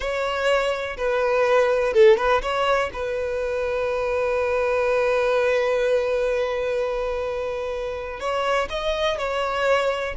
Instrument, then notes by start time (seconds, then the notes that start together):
violin
0.00 C#5
0.97 B4
1.93 A4
2.17 B4
2.41 C#5
2.93 B4
8.20 C#5
8.69 D#5
9.18 C#5